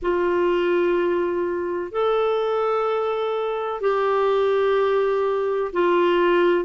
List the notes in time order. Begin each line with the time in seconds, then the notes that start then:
0.02 F4
1.91 A4
3.81 G4
5.72 F4